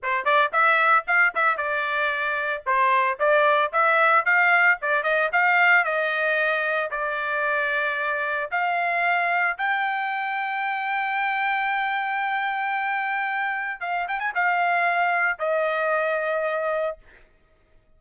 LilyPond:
\new Staff \with { instrumentName = "trumpet" } { \time 4/4 \tempo 4 = 113 c''8 d''8 e''4 f''8 e''8 d''4~ | d''4 c''4 d''4 e''4 | f''4 d''8 dis''8 f''4 dis''4~ | dis''4 d''2. |
f''2 g''2~ | g''1~ | g''2 f''8 g''16 gis''16 f''4~ | f''4 dis''2. | }